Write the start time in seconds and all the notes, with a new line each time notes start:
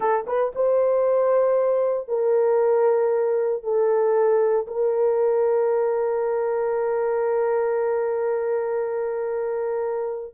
0.00 A4
0.26 B4
0.55 C5
2.07 A#4
3.63 A4
4.67 A#4